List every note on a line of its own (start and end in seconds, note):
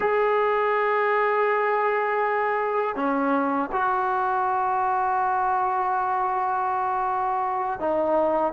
0.00 2.95 G#4
2.95 3.69 C#4
3.72 7.79 F#4
7.79 8.53 D#4